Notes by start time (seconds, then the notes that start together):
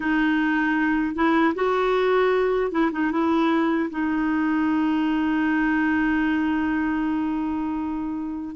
0.00 D#4
1.15 E4
1.54 F#4
2.71 E4
2.92 D#4
3.11 E4
3.90 D#4